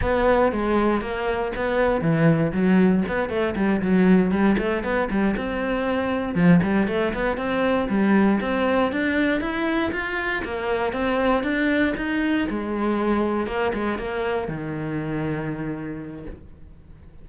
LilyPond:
\new Staff \with { instrumentName = "cello" } { \time 4/4 \tempo 4 = 118 b4 gis4 ais4 b4 | e4 fis4 b8 a8 g8 fis8~ | fis8 g8 a8 b8 g8 c'4.~ | c'8 f8 g8 a8 b8 c'4 g8~ |
g8 c'4 d'4 e'4 f'8~ | f'8 ais4 c'4 d'4 dis'8~ | dis'8 gis2 ais8 gis8 ais8~ | ais8 dis2.~ dis8 | }